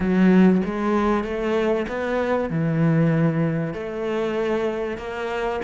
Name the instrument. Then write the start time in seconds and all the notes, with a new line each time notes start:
cello
0.00 F#3
0.65 G#3
1.24 A3
1.88 B3
2.49 E3
3.73 A3
4.97 A#3